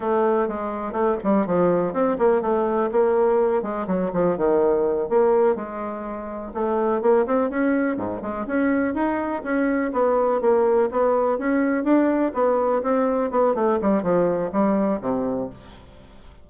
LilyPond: \new Staff \with { instrumentName = "bassoon" } { \time 4/4 \tempo 4 = 124 a4 gis4 a8 g8 f4 | c'8 ais8 a4 ais4. gis8 | fis8 f8 dis4. ais4 gis8~ | gis4. a4 ais8 c'8 cis'8~ |
cis'8 gis,8 gis8 cis'4 dis'4 cis'8~ | cis'8 b4 ais4 b4 cis'8~ | cis'8 d'4 b4 c'4 b8 | a8 g8 f4 g4 c4 | }